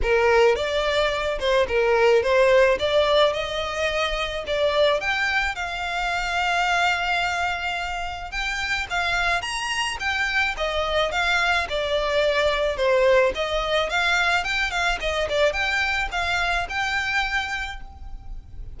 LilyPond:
\new Staff \with { instrumentName = "violin" } { \time 4/4 \tempo 4 = 108 ais'4 d''4. c''8 ais'4 | c''4 d''4 dis''2 | d''4 g''4 f''2~ | f''2. g''4 |
f''4 ais''4 g''4 dis''4 | f''4 d''2 c''4 | dis''4 f''4 g''8 f''8 dis''8 d''8 | g''4 f''4 g''2 | }